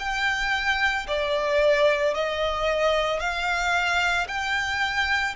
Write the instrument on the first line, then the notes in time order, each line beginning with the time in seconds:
violin
0.00 G5
1.08 D5
2.14 D#5
3.20 F5
4.28 G5